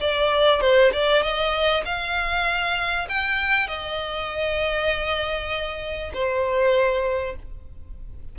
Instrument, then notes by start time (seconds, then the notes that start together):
violin
0.00 D5
0.61 C5
0.92 D5
1.22 D#5
1.85 F5
3.08 G5
3.67 D#5
6.13 C5